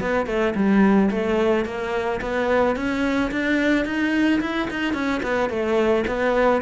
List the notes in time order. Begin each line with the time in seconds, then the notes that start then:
0.00 B3
0.26 A3
0.55 G3
1.11 A3
1.65 A#3
2.21 B3
2.75 C#4
3.31 D4
3.85 D#4
4.41 E4
4.70 D#4
4.93 C#4
5.22 B3
5.49 A3
6.07 B3